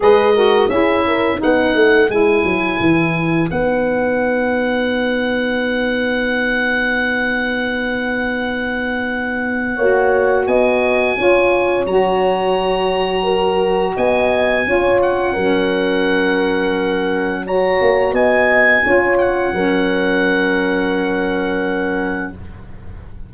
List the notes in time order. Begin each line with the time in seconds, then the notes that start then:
0.00 G#3 G#4 B4 D#5
0.34 F#4 A#4
0.68 C#4 E4 G#4 E5
1.07 A#4
1.37 B3 D#4 B4 F#5
1.75 A3
2.09 G#3 E4 G#5
2.44 F#3
2.80 E3
3.48 B3 D#4 F#5
9.75 A#3 F#4 C#5
10.46 B3 D#5 G#5
11.16 C#4 F4 C#5
11.85 F#3 F#4 A#5
13.23 A#4
13.95 B3 D#5 G#5
14.65 C#4 F4 C#5
15.01 F#5
15.33 F#3 C#4 A#4
17.44 F#4 C#5 A#5
17.80 A#3
18.12 B3 D#5 G#5
18.84 C#4 F4 C#5
19.18 F#5
19.52 F#3 C#4 A#4